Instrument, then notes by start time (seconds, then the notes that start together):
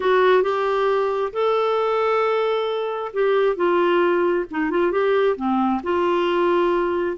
clarinet
0.00 F#4
0.42 G4
1.32 A4
3.13 G4
3.55 F4
4.50 D#4
4.70 F4
4.91 G4
5.36 C4
5.83 F4